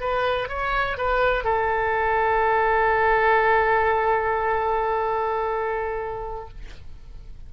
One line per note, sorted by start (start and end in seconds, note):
0.00 0.48 B4
0.48 0.97 C#5
0.97 1.44 B4
1.44 6.48 A4